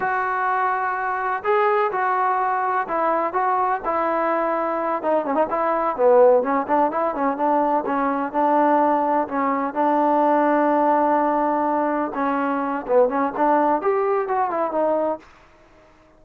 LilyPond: \new Staff \with { instrumentName = "trombone" } { \time 4/4 \tempo 4 = 126 fis'2. gis'4 | fis'2 e'4 fis'4 | e'2~ e'8 dis'8 cis'16 dis'16 e'8~ | e'8 b4 cis'8 d'8 e'8 cis'8 d'8~ |
d'8 cis'4 d'2 cis'8~ | cis'8 d'2.~ d'8~ | d'4. cis'4. b8 cis'8 | d'4 g'4 fis'8 e'8 dis'4 | }